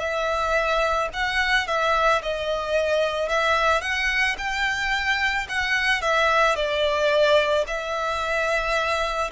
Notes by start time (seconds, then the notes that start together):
0.00 E5
1.14 F#5
1.67 E5
2.22 D#5
3.29 E5
3.81 F#5
4.38 G5
5.49 F#5
6.01 E5
6.56 D5
7.67 E5